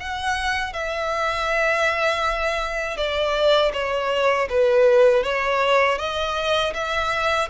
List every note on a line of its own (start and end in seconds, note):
0.00 0.73 F#5
0.73 2.97 E5
2.97 3.72 D5
3.73 4.48 C#5
4.49 5.23 B4
5.23 5.98 C#5
5.98 6.73 D#5
6.74 7.49 E5